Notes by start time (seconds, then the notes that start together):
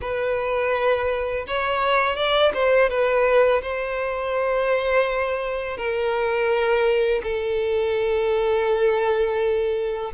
0.01 B4
1.47 C#5
2.16 D5
2.53 C5
2.89 B4
3.62 C5
5.77 A#4
7.23 A4